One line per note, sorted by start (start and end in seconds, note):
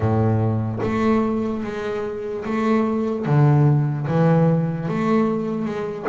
0.00 0.79 A2
0.82 1.63 A3
1.63 2.44 G#3
2.45 3.25 A3
3.25 4.06 D3
4.07 4.88 E3
4.88 5.65 A3
5.65 6.05 G#3